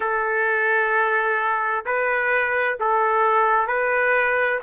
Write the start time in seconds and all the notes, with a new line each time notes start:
0.00 A4
1.85 B4
2.79 A4
3.67 B4